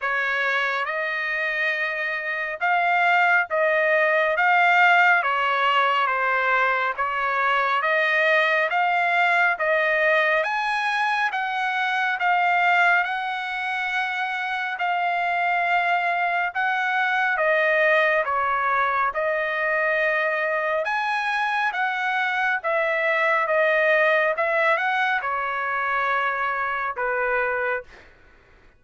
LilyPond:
\new Staff \with { instrumentName = "trumpet" } { \time 4/4 \tempo 4 = 69 cis''4 dis''2 f''4 | dis''4 f''4 cis''4 c''4 | cis''4 dis''4 f''4 dis''4 | gis''4 fis''4 f''4 fis''4~ |
fis''4 f''2 fis''4 | dis''4 cis''4 dis''2 | gis''4 fis''4 e''4 dis''4 | e''8 fis''8 cis''2 b'4 | }